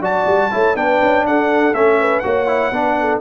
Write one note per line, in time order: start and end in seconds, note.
0.00 0.25 F#3
0.00 0.51 F#4
0.00 0.50 D5
0.00 0.76 A5
0.26 0.51 G3
0.51 0.75 A3
0.51 0.75 E4
0.51 0.77 C#5
0.75 1.00 B3
0.75 1.73 D4
0.75 1.26 B4
0.75 1.26 G5
1.02 1.25 C#4
1.25 1.73 D4
1.25 1.99 A4
1.25 1.74 F#5
1.73 2.22 A3
1.73 2.23 C#4
1.73 2.19 E5
1.99 2.24 B4
2.19 2.71 A#3
2.19 2.47 F#4
2.19 2.72 C#5
2.19 3.18 F#5
2.47 2.72 E4
2.71 3.20 B3
2.71 3.21 D4
2.71 2.97 B4
3.00 3.21 A4